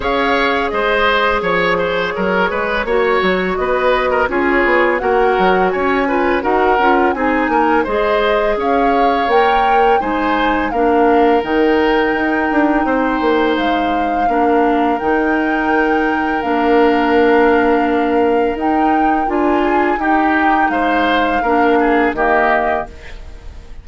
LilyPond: <<
  \new Staff \with { instrumentName = "flute" } { \time 4/4 \tempo 4 = 84 f''4 dis''4 cis''2~ | cis''4 dis''4 cis''4 fis''4 | gis''4 fis''4 gis''4 dis''4 | f''4 g''4 gis''4 f''4 |
g''2. f''4~ | f''4 g''2 f''4~ | f''2 g''4 gis''4 | g''4 f''2 dis''4 | }
  \new Staff \with { instrumentName = "oboe" } { \time 4/4 cis''4 c''4 cis''8 c''8 ais'8 b'8 | cis''4 b'8. ais'16 gis'4 ais'4 | cis''8 b'8 ais'4 gis'8 ais'8 c''4 | cis''2 c''4 ais'4~ |
ais'2 c''2 | ais'1~ | ais'2.~ ais'8 gis'8 | g'4 c''4 ais'8 gis'8 g'4 | }
  \new Staff \with { instrumentName = "clarinet" } { \time 4/4 gis'1 | fis'2 f'4 fis'4~ | fis'8 f'8 fis'8 f'8 dis'4 gis'4~ | gis'4 ais'4 dis'4 d'4 |
dis'1 | d'4 dis'2 d'4~ | d'2 dis'4 f'4 | dis'2 d'4 ais4 | }
  \new Staff \with { instrumentName = "bassoon" } { \time 4/4 cis'4 gis4 f4 fis8 gis8 | ais8 fis8 b4 cis'8 b8 ais8 fis8 | cis'4 dis'8 cis'8 c'8 ais8 gis4 | cis'4 ais4 gis4 ais4 |
dis4 dis'8 d'8 c'8 ais8 gis4 | ais4 dis2 ais4~ | ais2 dis'4 d'4 | dis'4 gis4 ais4 dis4 | }
>>